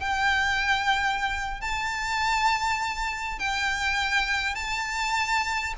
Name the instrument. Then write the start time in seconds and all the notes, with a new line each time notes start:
violin
0.00 G5
1.61 A5
3.39 G5
4.55 A5